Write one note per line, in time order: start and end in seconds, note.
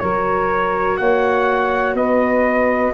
0.00 1.00 F#3
0.00 2.94 F#4
0.00 0.99 A#4
0.00 0.97 C#5
0.97 1.94 A#3
0.97 1.95 C#5
0.97 1.96 F#5
1.94 2.93 B3
1.94 2.94 B4
1.94 2.94 D#5